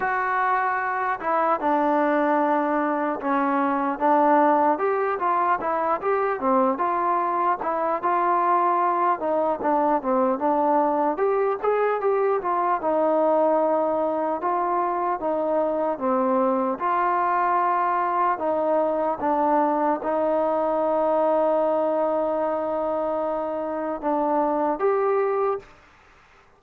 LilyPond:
\new Staff \with { instrumentName = "trombone" } { \time 4/4 \tempo 4 = 75 fis'4. e'8 d'2 | cis'4 d'4 g'8 f'8 e'8 g'8 | c'8 f'4 e'8 f'4. dis'8 | d'8 c'8 d'4 g'8 gis'8 g'8 f'8 |
dis'2 f'4 dis'4 | c'4 f'2 dis'4 | d'4 dis'2.~ | dis'2 d'4 g'4 | }